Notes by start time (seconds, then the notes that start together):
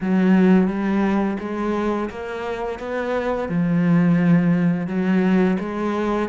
0.00 F#3
0.67 G3
1.39 G#3
2.10 A#3
2.79 B3
3.49 F3
4.87 F#3
5.59 G#3